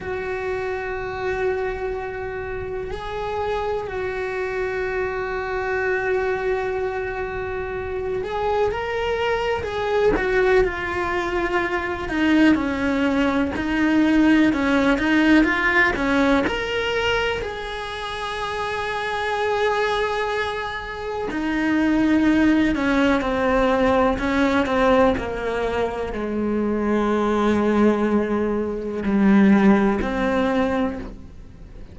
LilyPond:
\new Staff \with { instrumentName = "cello" } { \time 4/4 \tempo 4 = 62 fis'2. gis'4 | fis'1~ | fis'8 gis'8 ais'4 gis'8 fis'8 f'4~ | f'8 dis'8 cis'4 dis'4 cis'8 dis'8 |
f'8 cis'8 ais'4 gis'2~ | gis'2 dis'4. cis'8 | c'4 cis'8 c'8 ais4 gis4~ | gis2 g4 c'4 | }